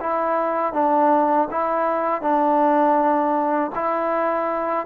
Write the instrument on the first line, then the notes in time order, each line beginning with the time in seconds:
trombone
0.00 E4
0.73 D4
1.50 E4
2.22 D4
3.75 E4